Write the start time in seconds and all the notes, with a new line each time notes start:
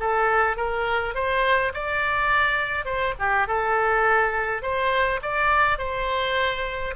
0.00 A4
0.57 A#4
1.15 C5
1.74 D5
2.85 C5
3.19 G4
3.48 A4
4.62 C5
5.22 D5
5.78 C5